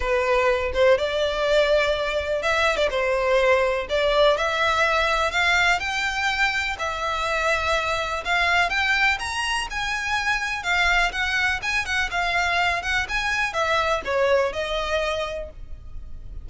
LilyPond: \new Staff \with { instrumentName = "violin" } { \time 4/4 \tempo 4 = 124 b'4. c''8 d''2~ | d''4 e''8. d''16 c''2 | d''4 e''2 f''4 | g''2 e''2~ |
e''4 f''4 g''4 ais''4 | gis''2 f''4 fis''4 | gis''8 fis''8 f''4. fis''8 gis''4 | e''4 cis''4 dis''2 | }